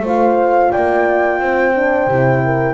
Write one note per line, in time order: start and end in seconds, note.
0.00 0.68 A3
0.00 1.75 F4
0.00 0.71 C5
0.07 0.71 F5
0.71 1.39 A#3
0.71 1.39 D5
0.71 2.74 G5
1.39 2.07 C4
1.39 2.43 C5
1.75 2.09 D4
2.07 2.74 C3
2.07 2.74 E4
2.44 2.74 A#4